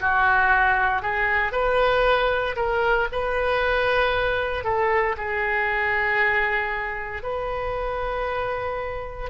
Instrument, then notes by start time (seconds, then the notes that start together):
oboe
0.00 F#4
1.02 G#4
1.51 B4
2.55 A#4
3.12 B4
4.64 A4
5.17 G#4
7.23 B4